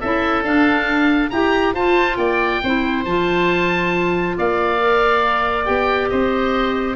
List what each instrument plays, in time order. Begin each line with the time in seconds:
0.00 tuba C#4, clarinet E4, oboe A4 E5
0.43 tuba D4, clarinet D4, oboe F5
1.30 tuba E4, oboe G4 A#5, clarinet G4
1.74 tuba F4, clarinet F4, oboe C5 A5
2.17 tuba A#3, oboe D5 G5
2.63 tuba C4, clarinet E4, oboe C5
3.05 tuba F3, clarinet F4, oboe A5
4.37 tuba A#3, oboe D5 F5
4.80 clarinet A#4
5.65 tuba B3, clarinet G4, oboe G5
6.10 tuba C4, oboe C5 D#5